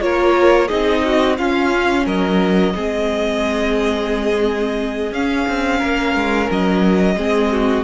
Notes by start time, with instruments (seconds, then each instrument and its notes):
0.00 cello A#3, viola F4, violin A#4 C#5
0.67 cello C4, viola D#4, violin G#4 D#5
1.05 violin F#4
1.37 viola C#4, cello C#4, violin F4 F5
2.05 cello F#3, violin A#4 D#5
2.75 cello G#3, viola C4, violin G#4
5.11 cello C#4, viola C#4, violin F5
5.48 cello C4
5.79 cello A#3, violin A#4
6.14 cello G#3
6.50 cello F#3, violin D#5
7.16 cello G#3, viola C4, violin G#4
7.52 violin F#4